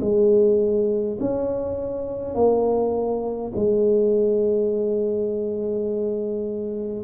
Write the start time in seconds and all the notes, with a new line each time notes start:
0.00 G#3
1.20 C#4
2.34 A#3
3.55 G#3